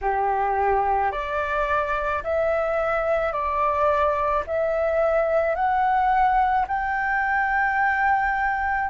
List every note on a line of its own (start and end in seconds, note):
0.01 1.11 G4
1.11 2.22 D5
2.23 3.32 E5
3.32 4.43 D5
4.46 5.55 E5
5.55 6.66 F#5
6.67 8.89 G5